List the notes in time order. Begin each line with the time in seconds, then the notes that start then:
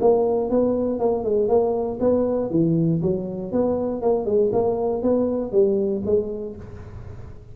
0.00 A#3
0.50 B3
0.99 A#3
1.24 G#3
1.48 A#3
2.00 B3
2.50 E3
3.01 F#3
3.52 B3
4.01 A#3
4.25 G#3
4.52 A#3
5.02 B3
5.51 G3
6.05 G#3